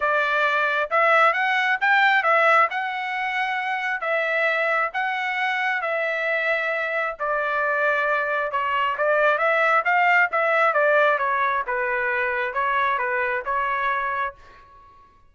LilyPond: \new Staff \with { instrumentName = "trumpet" } { \time 4/4 \tempo 4 = 134 d''2 e''4 fis''4 | g''4 e''4 fis''2~ | fis''4 e''2 fis''4~ | fis''4 e''2. |
d''2. cis''4 | d''4 e''4 f''4 e''4 | d''4 cis''4 b'2 | cis''4 b'4 cis''2 | }